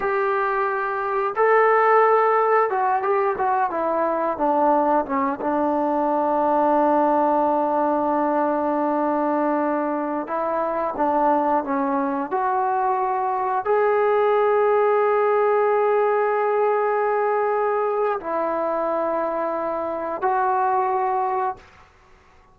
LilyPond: \new Staff \with { instrumentName = "trombone" } { \time 4/4 \tempo 4 = 89 g'2 a'2 | fis'8 g'8 fis'8 e'4 d'4 cis'8 | d'1~ | d'2.~ d'16 e'8.~ |
e'16 d'4 cis'4 fis'4.~ fis'16~ | fis'16 gis'2.~ gis'8.~ | gis'2. e'4~ | e'2 fis'2 | }